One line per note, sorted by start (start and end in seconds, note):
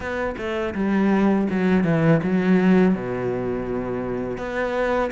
0.00 0.35 B3
0.37 0.74 A3
0.74 1.47 G3
1.50 1.84 F#3
1.84 2.20 E3
2.23 2.94 F#3
2.94 4.37 B2
4.37 5.10 B3